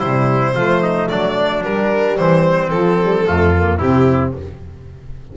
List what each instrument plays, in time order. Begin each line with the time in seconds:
0.00 double bass C3, saxophone G3, trumpet E4, violin C5
0.55 double bass F3, saxophone A3, trumpet F4
0.82 trumpet D#4
1.09 double bass F#3, trumpet D4, violin D5
1.64 double bass G3, saxophone G3, violin A#4
2.17 double bass E3, trumpet C4, violin C5
2.70 saxophone F3, double bass F3, violin A4
3.00 saxophone G3
3.26 double bass F2, saxophone A3, trumpet F4
3.56 saxophone A#3
3.78 double bass C3, saxophone C4, trumpet E4, violin G4